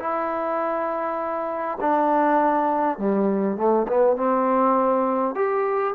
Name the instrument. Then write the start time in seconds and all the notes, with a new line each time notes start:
trombone
0.00 E4
1.81 D4
2.99 G3
3.57 A3
3.88 B3
4.17 C4
5.35 G4